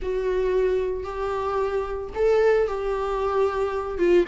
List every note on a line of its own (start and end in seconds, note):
0.01 1.03 F#4
1.03 2.09 G4
2.15 2.67 A4
2.67 3.98 G4
3.98 4.25 F4